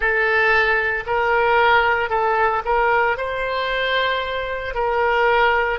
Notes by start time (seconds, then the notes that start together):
0.00 A4
1.06 A#4
2.09 A4
2.64 A#4
3.17 C5
4.74 A#4